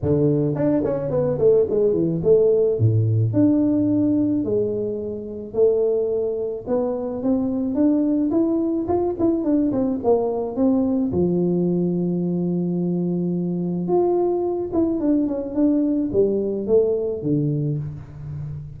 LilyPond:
\new Staff \with { instrumentName = "tuba" } { \time 4/4 \tempo 4 = 108 d4 d'8 cis'8 b8 a8 gis8 e8 | a4 a,4 d'2 | gis2 a2 | b4 c'4 d'4 e'4 |
f'8 e'8 d'8 c'8 ais4 c'4 | f1~ | f4 f'4. e'8 d'8 cis'8 | d'4 g4 a4 d4 | }